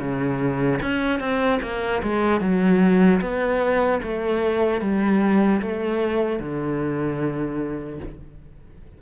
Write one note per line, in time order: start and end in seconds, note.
0.00 0.80 C#3
0.82 1.20 C#4
1.20 1.60 C4
1.63 2.03 A#3
2.03 2.41 G#3
2.41 3.21 F#3
3.21 4.01 B3
4.03 4.81 A3
4.81 5.61 G3
5.62 6.40 A3
6.40 8.00 D3